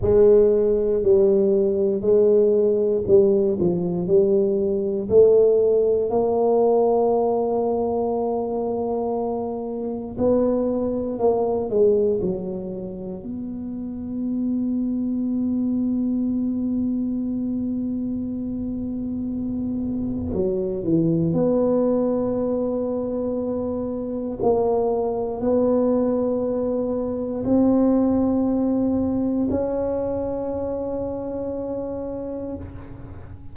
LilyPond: \new Staff \with { instrumentName = "tuba" } { \time 4/4 \tempo 4 = 59 gis4 g4 gis4 g8 f8 | g4 a4 ais2~ | ais2 b4 ais8 gis8 | fis4 b2.~ |
b1 | fis8 e8 b2. | ais4 b2 c'4~ | c'4 cis'2. | }